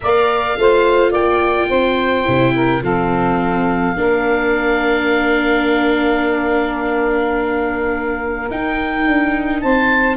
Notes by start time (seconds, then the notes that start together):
0.00 A#3 A#4 D5 F5
0.56 A3 F4 C5
1.10 A#3 D5 G5
1.69 C4 C5
2.24 C3 E4
2.55 A#4
2.82 F3 C4 A4 F5
3.96 A#3 D4 A#4
8.50 D#4 G5
9.07 D4
9.61 C4 C5 A5